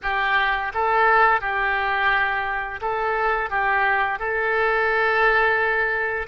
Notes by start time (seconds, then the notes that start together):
0.02 G4
0.73 A4
1.40 G4
2.81 A4
3.49 G4
4.19 A4